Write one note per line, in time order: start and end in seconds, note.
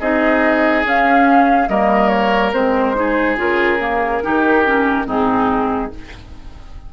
0.00 0.85 C4
0.00 0.85 D#4
0.00 1.69 G#4
0.00 0.85 D#5
0.85 1.69 C#4
0.85 1.69 F5
1.69 2.53 G3
1.69 2.53 A#3
1.69 2.96 A#4
1.69 2.09 D#5
2.09 2.51 C#5
2.53 3.37 G#3
2.53 2.96 C4
2.53 3.38 C5
2.96 3.37 D#4
2.96 4.24 G#4
3.37 4.22 C#3
3.37 3.79 F4
3.37 5.09 A#4
3.80 4.22 A#3
4.23 5.07 D#3
4.23 4.65 D#4
4.23 5.07 G4
4.66 5.06 C#4
5.06 5.92 G#2
5.06 5.91 C4
5.06 5.92 D#4
5.06 5.93 G#4